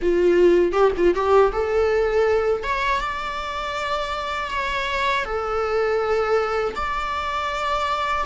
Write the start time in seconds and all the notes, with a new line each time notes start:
0.01 F4
0.72 G4
0.96 F4
1.14 G4
1.52 A4
2.62 C#5
3.00 D5
4.50 C#5
5.24 A4
6.75 D5